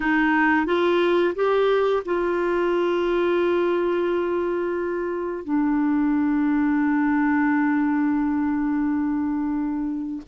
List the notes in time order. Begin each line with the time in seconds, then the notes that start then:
0.00 D#4
0.66 F4
1.35 G4
2.05 F4
5.44 D4